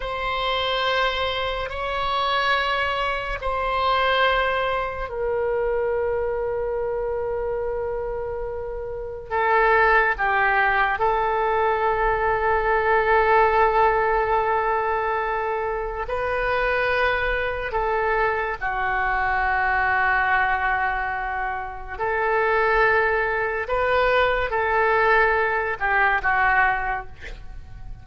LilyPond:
\new Staff \with { instrumentName = "oboe" } { \time 4/4 \tempo 4 = 71 c''2 cis''2 | c''2 ais'2~ | ais'2. a'4 | g'4 a'2.~ |
a'2. b'4~ | b'4 a'4 fis'2~ | fis'2 a'2 | b'4 a'4. g'8 fis'4 | }